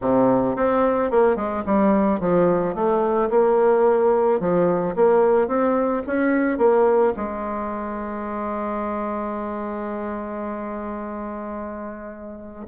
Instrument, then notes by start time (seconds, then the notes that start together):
bassoon
0.01 C3
0.56 C4
1.10 A#3
1.36 G#3
1.65 G3
2.20 F3
2.74 A3
3.30 A#3
4.39 F3
4.95 A#3
5.47 C4
6.07 C#4
6.58 A#3
7.16 G#3